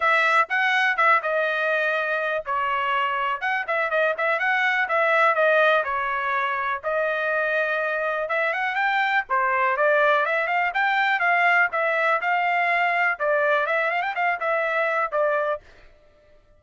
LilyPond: \new Staff \with { instrumentName = "trumpet" } { \time 4/4 \tempo 4 = 123 e''4 fis''4 e''8 dis''4.~ | dis''4 cis''2 fis''8 e''8 | dis''8 e''8 fis''4 e''4 dis''4 | cis''2 dis''2~ |
dis''4 e''8 fis''8 g''4 c''4 | d''4 e''8 f''8 g''4 f''4 | e''4 f''2 d''4 | e''8 f''16 g''16 f''8 e''4. d''4 | }